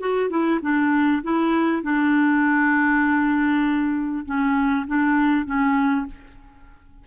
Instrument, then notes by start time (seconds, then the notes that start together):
clarinet
0.00 F#4
0.29 E4
0.62 D4
1.23 E4
1.82 D4
4.25 C#4
4.87 D4
5.45 C#4